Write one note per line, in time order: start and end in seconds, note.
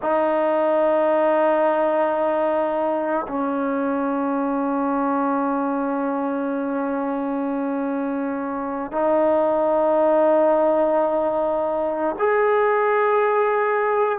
0.01 3.26 D#4
3.28 8.91 C#4
8.91 12.15 D#4
12.18 14.18 G#4